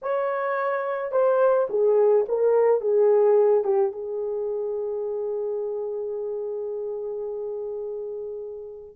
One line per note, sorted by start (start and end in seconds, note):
0.02 1.11 C#5
1.11 1.67 C5
1.69 2.25 G#4
2.28 2.80 A#4
2.80 3.63 G#4
3.63 3.92 G4
3.92 8.96 G#4